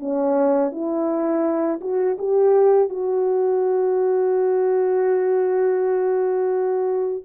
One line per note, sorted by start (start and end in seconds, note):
0.00 0.72 C#4
0.72 1.80 E4
1.81 2.17 F#4
2.19 2.90 G4
2.90 7.24 F#4